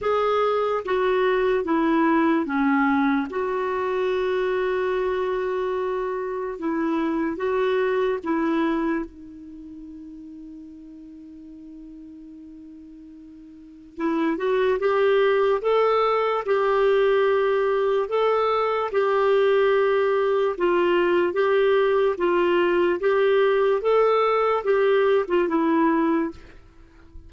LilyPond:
\new Staff \with { instrumentName = "clarinet" } { \time 4/4 \tempo 4 = 73 gis'4 fis'4 e'4 cis'4 | fis'1 | e'4 fis'4 e'4 dis'4~ | dis'1~ |
dis'4 e'8 fis'8 g'4 a'4 | g'2 a'4 g'4~ | g'4 f'4 g'4 f'4 | g'4 a'4 g'8. f'16 e'4 | }